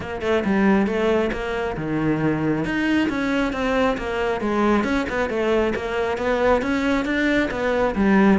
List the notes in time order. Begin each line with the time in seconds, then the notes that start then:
0.00 A#3
0.21 A3
0.45 G3
0.86 A3
1.32 A#3
1.76 D#3
2.64 D#4
3.09 C#4
3.52 C4
3.97 A#3
4.40 G#3
4.84 C#4
5.09 B3
5.29 A3
5.75 A#3
6.17 B3
6.62 C#4
7.05 D4
7.50 B3
7.95 G3